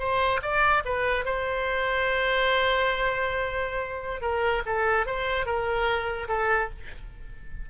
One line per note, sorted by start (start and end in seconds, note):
0.00 0.41 C5
0.43 0.84 D5
0.85 1.26 B4
1.26 4.22 C5
4.22 4.63 A#4
4.66 5.07 A4
5.07 5.46 C5
5.46 6.28 A#4
6.29 6.70 A4